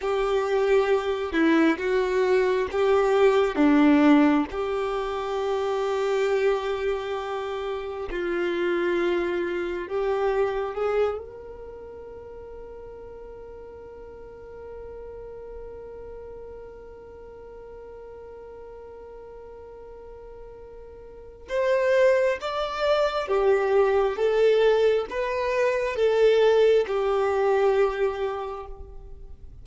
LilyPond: \new Staff \with { instrumentName = "violin" } { \time 4/4 \tempo 4 = 67 g'4. e'8 fis'4 g'4 | d'4 g'2.~ | g'4 f'2 g'4 | gis'8 ais'2.~ ais'8~ |
ais'1~ | ais'1 | c''4 d''4 g'4 a'4 | b'4 a'4 g'2 | }